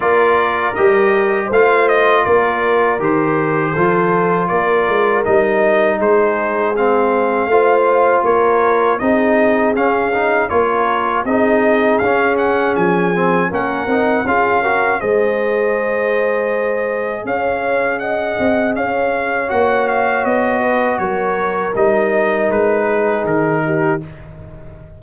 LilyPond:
<<
  \new Staff \with { instrumentName = "trumpet" } { \time 4/4 \tempo 4 = 80 d''4 dis''4 f''8 dis''8 d''4 | c''2 d''4 dis''4 | c''4 f''2 cis''4 | dis''4 f''4 cis''4 dis''4 |
f''8 fis''8 gis''4 fis''4 f''4 | dis''2. f''4 | fis''4 f''4 fis''8 f''8 dis''4 | cis''4 dis''4 b'4 ais'4 | }
  \new Staff \with { instrumentName = "horn" } { \time 4/4 ais'2 c''4 ais'4~ | ais'4 a'4 ais'2 | gis'2 c''4 ais'4 | gis'2 ais'4 gis'4~ |
gis'2 ais'4 gis'8 ais'8 | c''2. cis''4 | dis''4 cis''2~ cis''8 b'8 | ais'2~ ais'8 gis'4 g'8 | }
  \new Staff \with { instrumentName = "trombone" } { \time 4/4 f'4 g'4 f'2 | g'4 f'2 dis'4~ | dis'4 c'4 f'2 | dis'4 cis'8 dis'8 f'4 dis'4 |
cis'4. c'8 cis'8 dis'8 f'8 fis'8 | gis'1~ | gis'2 fis'2~ | fis'4 dis'2. | }
  \new Staff \with { instrumentName = "tuba" } { \time 4/4 ais4 g4 a4 ais4 | dis4 f4 ais8 gis8 g4 | gis2 a4 ais4 | c'4 cis'4 ais4 c'4 |
cis'4 f4 ais8 c'8 cis'4 | gis2. cis'4~ | cis'8 c'8 cis'4 ais4 b4 | fis4 g4 gis4 dis4 | }
>>